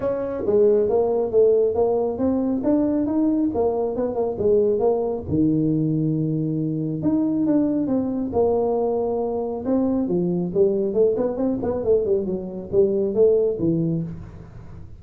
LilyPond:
\new Staff \with { instrumentName = "tuba" } { \time 4/4 \tempo 4 = 137 cis'4 gis4 ais4 a4 | ais4 c'4 d'4 dis'4 | ais4 b8 ais8 gis4 ais4 | dis1 |
dis'4 d'4 c'4 ais4~ | ais2 c'4 f4 | g4 a8 b8 c'8 b8 a8 g8 | fis4 g4 a4 e4 | }